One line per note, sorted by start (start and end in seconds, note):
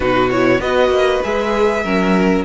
0.00 0.59 B2
0.00 0.30 D#4
0.00 0.61 F#4
0.00 0.29 B4
0.30 0.61 E4
0.30 0.61 C#5
0.59 0.89 B3
0.59 1.22 F#4
0.59 1.83 B4
0.59 1.22 D#5
0.89 1.20 A#3
1.23 1.84 G#3
1.23 1.84 G#4
1.23 2.45 E5
1.83 2.45 F#3
1.83 2.45 C#4
1.83 2.44 A#4